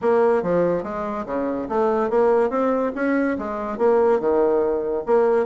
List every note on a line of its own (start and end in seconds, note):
0.01 0.42 A#3
0.42 0.83 F3
0.83 1.25 G#3
1.25 1.67 C#3
1.68 2.10 A3
2.10 2.49 A#3
2.49 2.91 C4
2.95 3.37 C#4
3.38 3.78 G#3
3.78 4.20 A#3
4.20 5.03 D#3
5.06 5.45 A#3